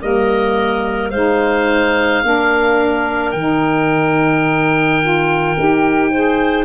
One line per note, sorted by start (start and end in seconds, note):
0.00 1.12 G3
0.00 1.11 A#3
0.00 1.11 A#4
0.00 1.10 D#5
1.10 2.23 G#3
1.10 2.24 D#4
1.10 2.22 C5
1.10 3.32 F5
2.23 3.34 A#3
2.23 3.35 D4
2.23 6.11 A#4
3.32 5.56 D#3
3.32 5.02 D#4
3.32 6.65 G5
5.02 5.56 F4
5.56 6.66 D#4
5.56 6.11 G4
6.11 6.66 G#4
6.11 6.66 C5